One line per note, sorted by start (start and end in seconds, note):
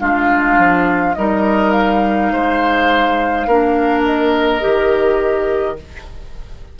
0.00 0.58 G#3
0.00 1.15 D4
0.00 1.16 F4
0.00 1.14 F5
0.58 1.15 F3
1.14 2.32 G3
1.14 3.49 D#4
1.14 2.33 A#4
1.14 1.72 D#5
1.72 4.02 F5
2.32 3.47 G#3
2.32 3.48 C5
3.47 4.62 A#3
3.47 4.61 D4
3.47 5.78 A#4
4.06 5.79 D#5
4.61 5.80 D#3
4.61 5.76 G4